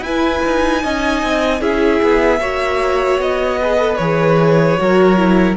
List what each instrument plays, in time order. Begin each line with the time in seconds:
0.00 cello E4, viola E4, violin B4 G#5
0.45 cello D#4
0.82 cello C#4, viola D#4, violin D#5
1.22 cello C4
1.60 cello C#4, viola E4, violin G#4 E5
2.02 cello B3
2.40 cello A#3, viola F#4, violin C#5
3.18 cello B3, violin D#5
3.61 viola G#4, violin B4
3.78 viola A4
3.96 cello E3, viola G#4, violin C#5
4.78 cello F#3, viola F#4, violin A#4
5.17 viola E4